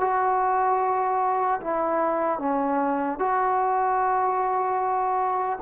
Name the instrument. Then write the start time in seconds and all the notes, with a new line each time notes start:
trombone
0.00 F#4
1.61 E4
2.39 C#4
3.19 F#4